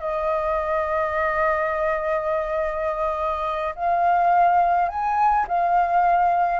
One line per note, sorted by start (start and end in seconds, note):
0.00 3.75 D#5
3.76 4.89 F5
4.89 5.47 G#5
5.48 6.60 F5